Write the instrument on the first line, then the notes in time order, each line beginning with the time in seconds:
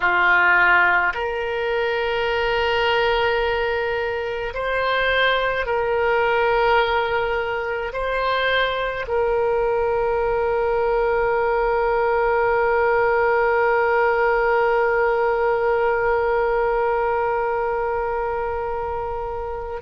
oboe
0.00 F4
1.14 A#4
4.54 C5
5.66 A#4
7.92 C5
9.07 A#4